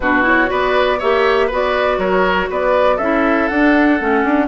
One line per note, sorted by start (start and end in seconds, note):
0.00 0.50 B2
0.00 0.22 D4
0.00 0.50 F#4
0.00 0.24 B4
0.22 0.46 E4
0.22 0.50 C#5
0.46 1.01 B3
0.46 0.96 F#4
0.46 0.98 B4
0.46 1.00 D5
0.98 1.51 A#3
0.98 1.50 G4
0.98 1.47 C#5
0.98 1.50 E5
1.47 1.98 B3
1.47 3.00 F#4
1.47 1.97 B4
1.54 1.99 D5
1.98 2.48 F#3
1.98 2.49 A#4
1.98 2.49 C#5
2.50 2.99 B3
2.50 2.96 B4
2.50 2.97 D5
2.96 3.49 C#4
2.96 3.51 E4
2.96 4.46 A4
2.96 3.47 E5
3.47 4.00 D4
3.47 4.47 F#5
4.00 4.24 A3
4.00 4.47 C#4
4.24 4.47 D4